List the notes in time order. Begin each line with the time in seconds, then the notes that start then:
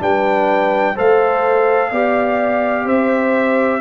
0.00 G3 D4 B4 G5
0.95 A3 A4 C5 F5
1.91 B3 G4 D5
2.85 C4 C5 E5